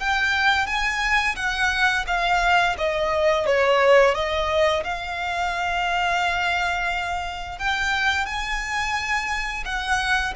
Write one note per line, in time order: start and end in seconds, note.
0.00 0.66 G5
0.66 1.35 G#5
1.36 2.05 F#5
2.07 2.76 F5
2.78 3.46 D#5
3.46 4.14 C#5
4.14 4.83 D#5
4.84 7.59 F5
7.59 8.26 G5
8.26 9.64 G#5
9.65 10.34 F#5